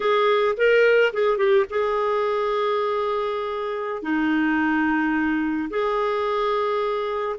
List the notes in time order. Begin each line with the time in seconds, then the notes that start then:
0.00 G#4
0.57 A#4
1.13 G#4
1.37 G4
1.69 G#4
4.02 D#4
5.69 G#4